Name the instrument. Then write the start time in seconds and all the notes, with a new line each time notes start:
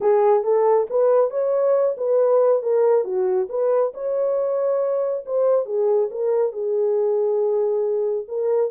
horn
0.00 G#4
0.43 A4
0.89 B4
1.30 C#5
1.97 B4
2.62 A#4
3.04 F#4
3.49 B4
3.93 C#5
5.25 C5
5.65 G#4
6.10 A#4
6.52 G#4
8.28 A#4